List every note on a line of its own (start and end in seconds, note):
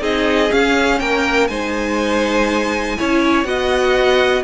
0.00 0.50 C4
0.00 0.49 D#4
0.00 1.00 G#4
0.00 0.52 D#5
0.51 1.49 C#4
0.51 1.01 C#4
0.51 1.00 F5
1.00 1.50 A#3
1.00 1.50 A#4
1.00 1.48 G5
1.48 2.97 G#3
1.48 2.98 D#4
1.48 2.98 C5
1.48 3.45 G#5
2.98 3.45 C#4
2.98 3.45 E4
2.98 3.48 C#5
3.45 4.43 B3
3.45 4.43 F#4
3.45 4.44 D#5
3.45 4.43 F#5